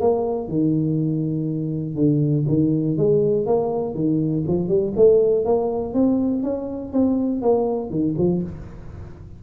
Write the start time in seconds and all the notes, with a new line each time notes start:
0.00 A#3
0.48 D#3
1.95 D3
2.47 D#3
2.97 G#3
3.46 A#3
3.94 D#3
4.47 F3
4.68 G3
4.96 A3
5.45 A#3
5.93 C4
6.43 C#4
6.92 C4
7.42 A#3
7.90 D#3
8.18 F3